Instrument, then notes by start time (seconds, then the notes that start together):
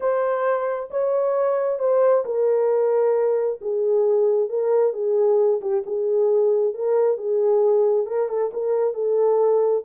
horn
0.00 C5
0.90 C#5
1.79 C5
2.25 A#4
3.61 G#4
4.49 A#4
4.93 G#4
5.61 G4
5.86 G#4
6.73 A#4
7.17 G#4
8.06 A#4
8.28 A4
8.53 A#4
8.94 A4